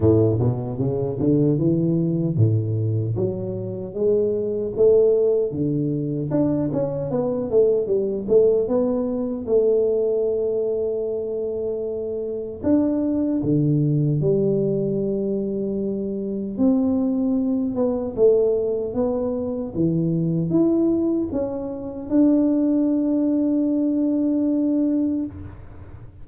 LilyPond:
\new Staff \with { instrumentName = "tuba" } { \time 4/4 \tempo 4 = 76 a,8 b,8 cis8 d8 e4 a,4 | fis4 gis4 a4 d4 | d'8 cis'8 b8 a8 g8 a8 b4 | a1 |
d'4 d4 g2~ | g4 c'4. b8 a4 | b4 e4 e'4 cis'4 | d'1 | }